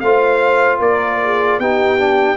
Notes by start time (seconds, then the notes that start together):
0.00 A3 F4 C5 F5
0.79 A#3 A#4 D5
1.23 G#4
1.59 B3 D#4 G4 G5
1.98 D4